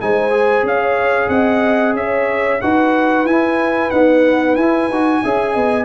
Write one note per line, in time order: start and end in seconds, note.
0.00 0.62 G#3
0.00 0.30 D#4
0.00 0.67 C5
0.00 0.65 G#5
0.30 2.58 G#4
0.62 1.28 C#4
0.62 1.29 C#5
0.62 1.29 F5
1.28 1.93 C4
1.28 1.95 D#5
1.28 1.94 F#5
1.93 2.58 C#4
1.93 2.61 C#5
1.93 2.61 E5
2.61 3.24 D#4
2.61 3.27 F#4
2.61 5.22 B4
2.61 3.26 F#5
3.24 3.90 E4
3.24 3.92 E4
3.24 3.90 G#5
3.90 4.57 B3
3.90 4.56 D#4
3.90 4.55 F#5
4.55 4.89 E4
4.55 4.90 E4
4.55 5.84 G#5
4.89 5.21 D#4
4.89 5.24 F#4
5.23 5.55 C#4
5.23 5.84 G#4
5.23 5.53 E5
5.53 5.84 B3
5.53 5.84 D#5